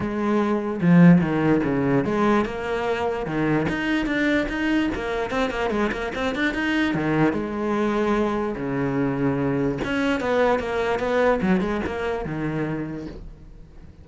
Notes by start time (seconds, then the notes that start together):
0.00 G#3
0.81 F3
1.21 D#3
1.64 C#3
2.04 G#3
2.45 A#3
3.26 D#3
3.68 D#4
4.06 D4
4.49 D#4
4.94 A#3
5.30 C4
5.50 A#3
5.70 G#3
5.91 A#3
6.14 C4
6.35 D4
6.53 D#4
6.94 D#3
7.32 G#3
8.56 C#3
9.84 C#4
10.20 B3
10.59 A#3
10.99 B3
11.41 F#3
11.60 G#3
11.86 A#3
12.25 D#3